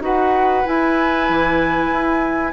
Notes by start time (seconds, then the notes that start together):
0.00 D#4 F#4 B4 F#5
0.64 E4 G#5
1.29 E3
1.91 E4